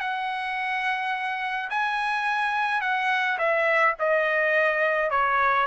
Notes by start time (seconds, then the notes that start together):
0.00 F#5
1.70 G#5
2.81 F#5
3.39 E5
3.99 D#5
5.10 C#5